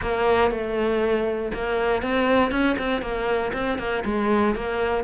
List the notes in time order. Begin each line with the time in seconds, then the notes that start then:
0.01 A#3
0.51 A3
1.53 A#3
2.02 C4
2.51 C#4
2.78 C4
3.01 A#3
3.53 C4
3.78 A#3
4.04 G#3
4.55 A#3